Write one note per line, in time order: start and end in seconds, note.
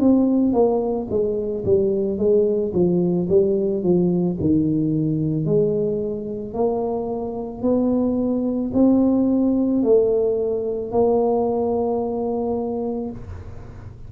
0.00 0.53 C4
0.53 1.08 A#3
1.11 1.65 G#3
1.65 2.18 G3
2.18 2.73 G#3
2.74 3.28 F3
3.29 3.83 G3
3.83 4.38 F3
4.40 5.45 D#3
5.45 6.54 G#3
6.54 7.62 A#3
7.62 8.71 B3
8.74 9.83 C4
9.83 10.92 A3
10.92 13.11 A#3